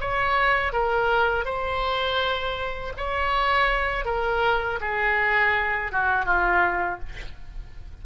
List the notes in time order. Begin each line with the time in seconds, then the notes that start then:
0.00 C#5
0.73 A#4
1.45 C5
2.97 C#5
4.05 A#4
4.81 G#4
5.92 F#4
6.25 F4